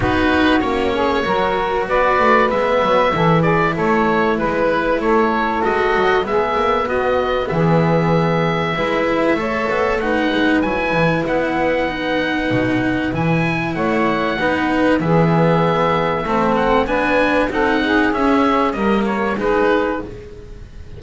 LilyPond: <<
  \new Staff \with { instrumentName = "oboe" } { \time 4/4 \tempo 4 = 96 b'4 cis''2 d''4 | e''4. d''8 cis''4 b'4 | cis''4 dis''4 e''4 dis''4 | e''1 |
fis''4 gis''4 fis''2~ | fis''4 gis''4 fis''2 | e''2~ e''8 fis''8 gis''4 | fis''4 e''4 dis''8 cis''8 b'4 | }
  \new Staff \with { instrumentName = "saxophone" } { \time 4/4 fis'4. gis'8 ais'4 b'4~ | b'4 a'8 gis'8 a'4 b'4 | a'2 gis'4 fis'4 | gis'2 b'4 cis''4 |
b'1~ | b'2 cis''4 b'4 | gis'2 a'4 b'4 | a'8 gis'4. ais'4 gis'4 | }
  \new Staff \with { instrumentName = "cello" } { \time 4/4 dis'4 cis'4 fis'2 | b4 e'2.~ | e'4 fis'4 b2~ | b2 e'4 a'4 |
dis'4 e'2 dis'4~ | dis'4 e'2 dis'4 | b2 c'4 d'4 | dis'4 cis'4 ais4 dis'4 | }
  \new Staff \with { instrumentName = "double bass" } { \time 4/4 b4 ais4 fis4 b8 a8 | gis8 fis8 e4 a4 gis4 | a4 gis8 fis8 gis8 ais8 b4 | e2 gis4 a8 b8 |
a8 gis8 fis8 e8 b2 | b,4 e4 a4 b4 | e2 a4 b4 | c'4 cis'4 g4 gis4 | }
>>